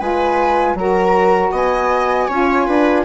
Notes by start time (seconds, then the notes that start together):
0.00 G#3 F4 B4 G#5
0.75 F#3 F#4 A#4 A#5
1.52 B3 D#5 G#5
2.28 C#4 F4 C#5
2.67 D4 B4